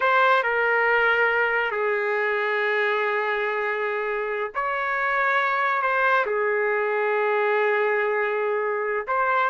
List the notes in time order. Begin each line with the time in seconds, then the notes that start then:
0.00 C5
0.43 A#4
1.71 G#4
4.54 C#5
5.82 C5
6.26 G#4
9.07 C5